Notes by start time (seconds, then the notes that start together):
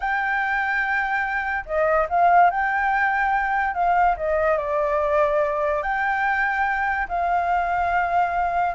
0.00 G5
1.65 D#5
2.09 F5
2.50 G5
3.74 F5
4.16 D#5
4.57 D5
5.82 G5
7.08 F5